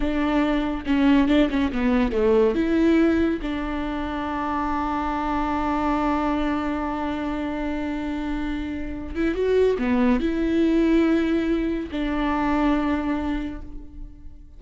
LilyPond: \new Staff \with { instrumentName = "viola" } { \time 4/4 \tempo 4 = 141 d'2 cis'4 d'8 cis'8 | b4 a4 e'2 | d'1~ | d'1~ |
d'1~ | d'4. e'8 fis'4 b4 | e'1 | d'1 | }